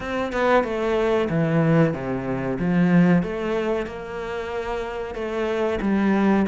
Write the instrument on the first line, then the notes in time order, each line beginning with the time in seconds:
cello
0.00 C4
0.32 B3
0.64 A3
1.29 E3
1.93 C3
2.59 F3
3.23 A3
3.86 A#3
5.14 A3
5.81 G3